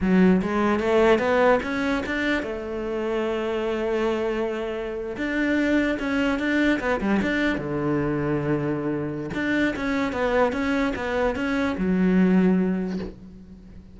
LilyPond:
\new Staff \with { instrumentName = "cello" } { \time 4/4 \tempo 4 = 148 fis4 gis4 a4 b4 | cis'4 d'4 a2~ | a1~ | a8. d'2 cis'4 d'16~ |
d'8. b8 g8 d'4 d4~ d16~ | d2. d'4 | cis'4 b4 cis'4 b4 | cis'4 fis2. | }